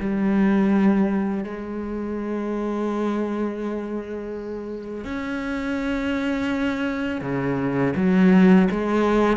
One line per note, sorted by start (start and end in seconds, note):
0.00 1.44 G3
1.44 5.05 G#3
5.05 7.21 C#4
7.21 7.94 C#3
7.96 8.68 F#3
8.71 9.37 G#3